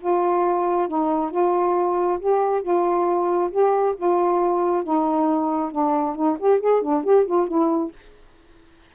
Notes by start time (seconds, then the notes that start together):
0.00 F4
0.88 D#4
1.31 F4
2.19 G4
2.62 F4
3.50 G4
3.96 F4
4.83 D#4
5.71 D4
6.15 D#4
6.39 G4
6.60 G#4
6.82 D4
7.04 G4
7.25 F4
7.47 E4